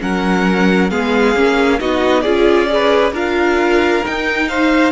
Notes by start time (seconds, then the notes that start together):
0.00 F#3 C#4 A#4 F#5
0.90 G#3 B3 G#4 F5
1.35 A#3 C#4
1.79 B3 D#4 F#4 D#5
2.21 C#4 F4 G#4 D5
2.68 G#4 B4
3.13 D4 F4 A#4 F5
4.03 D#4 G5
4.49 C5 F5